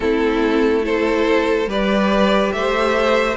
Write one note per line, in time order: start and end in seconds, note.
0.00 1.66 A3
0.00 0.81 C4
0.00 0.85 E4
0.00 0.85 A4
0.81 1.66 E4
0.81 1.69 A4
0.81 1.69 C5
1.66 2.50 G3
1.66 3.37 G4
1.66 2.53 B4
1.66 2.52 D5
2.52 3.37 A3
2.52 3.37 C5
2.52 3.36 E5